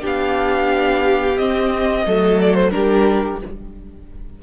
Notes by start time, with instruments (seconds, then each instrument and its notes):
0.00 cello B3, viola D4, violin G4
0.06 violin F5
1.37 viola C4, cello C4, violin D#5
2.06 cello F#3, viola A3, violin A4
2.41 violin D5
2.54 violin C5
2.70 cello G3, viola D4, violin G4 A#4